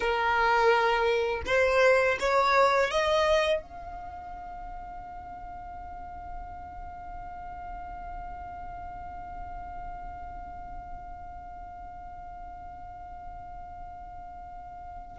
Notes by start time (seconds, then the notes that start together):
0.00 A#4
1.46 C5
2.19 C#5
2.90 D#5
3.61 F5